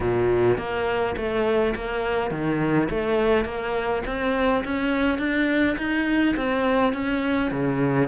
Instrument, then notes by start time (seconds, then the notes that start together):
cello
0.00 A#2
0.57 A#3
1.16 A3
1.75 A#3
2.31 D#3
2.90 A3
3.44 A#3
4.06 C4
4.64 C#4
5.18 D4
5.77 D#4
6.36 C4
6.93 C#4
7.51 C#3